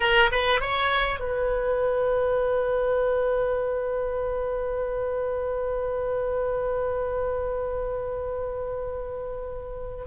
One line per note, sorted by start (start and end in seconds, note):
0.00 0.30 A#4
0.31 0.60 B4
0.60 1.19 C#5
1.19 10.04 B4